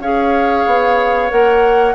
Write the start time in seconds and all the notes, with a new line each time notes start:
0.00 C#4 G#4 C#5 F5
0.66 B3
1.30 A#3 A#4 F#5